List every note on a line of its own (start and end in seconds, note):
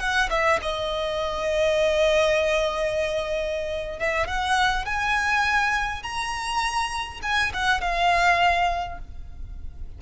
0.00 0.29 F#5
0.30 0.60 E5
0.62 3.99 D#5
3.99 4.28 E5
4.28 4.85 F#5
4.85 6.03 G#5
6.03 7.21 A#5
7.23 7.52 G#5
7.53 7.81 F#5
7.81 8.98 F5